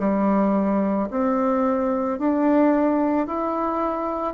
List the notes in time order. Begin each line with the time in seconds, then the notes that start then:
0.00 G3
1.11 C4
2.19 D4
3.27 E4